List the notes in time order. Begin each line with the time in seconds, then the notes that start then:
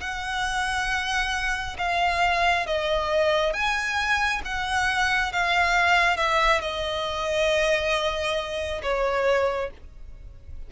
0.00 F#5
1.78 F5
2.66 D#5
3.53 G#5
4.45 F#5
5.32 F5
6.17 E5
6.61 D#5
8.82 C#5